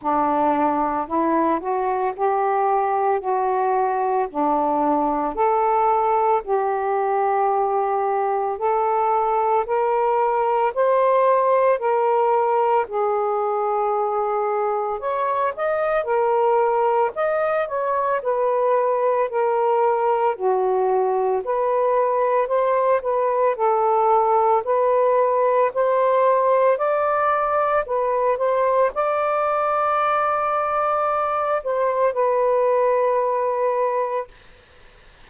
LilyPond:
\new Staff \with { instrumentName = "saxophone" } { \time 4/4 \tempo 4 = 56 d'4 e'8 fis'8 g'4 fis'4 | d'4 a'4 g'2 | a'4 ais'4 c''4 ais'4 | gis'2 cis''8 dis''8 ais'4 |
dis''8 cis''8 b'4 ais'4 fis'4 | b'4 c''8 b'8 a'4 b'4 | c''4 d''4 b'8 c''8 d''4~ | d''4. c''8 b'2 | }